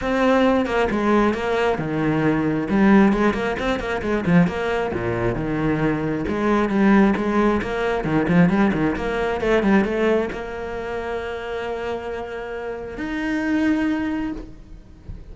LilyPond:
\new Staff \with { instrumentName = "cello" } { \time 4/4 \tempo 4 = 134 c'4. ais8 gis4 ais4 | dis2 g4 gis8 ais8 | c'8 ais8 gis8 f8 ais4 ais,4 | dis2 gis4 g4 |
gis4 ais4 dis8 f8 g8 dis8 | ais4 a8 g8 a4 ais4~ | ais1~ | ais4 dis'2. | }